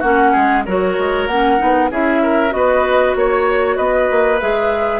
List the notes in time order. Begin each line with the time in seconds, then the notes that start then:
0.00 A#3 C#4 F#4 F#5
0.32 G#3 G#4
0.65 F#3 F#4 A#4 C#5
0.99 G#3
1.27 A#3 C#4 F#5
1.58 B3 D#4
1.91 C#4 E4 G#4 E5
2.23 A#4
2.50 B3 F#4 D#5
2.56 B4
3.15 A#3 C#5
3.76 B3 B4 D#5
4.11 A#3
4.41 G#3 G#4 E5